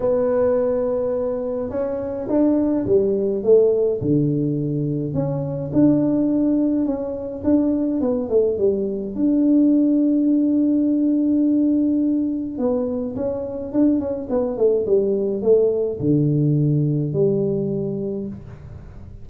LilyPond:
\new Staff \with { instrumentName = "tuba" } { \time 4/4 \tempo 4 = 105 b2. cis'4 | d'4 g4 a4 d4~ | d4 cis'4 d'2 | cis'4 d'4 b8 a8 g4 |
d'1~ | d'2 b4 cis'4 | d'8 cis'8 b8 a8 g4 a4 | d2 g2 | }